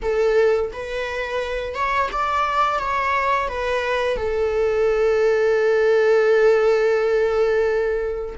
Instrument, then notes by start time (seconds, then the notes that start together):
viola
0.02 A4
0.73 B4
1.74 C#5
2.12 D5
2.79 C#5
3.48 B4
4.16 A4